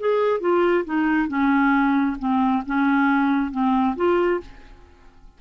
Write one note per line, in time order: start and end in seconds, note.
0.00 0.40 G#4
0.40 0.85 F4
0.85 1.28 D#4
1.28 2.17 C#4
2.19 2.63 C4
2.66 3.52 C#4
3.52 3.96 C4
3.96 4.41 F4